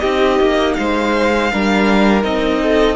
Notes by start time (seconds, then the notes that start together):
0.00 C4 D#4 G4 D#5
0.40 A#3
0.74 G#3 C5 F5
1.52 G3 D4 A#4
2.23 C4 D#4 D#5
2.62 A4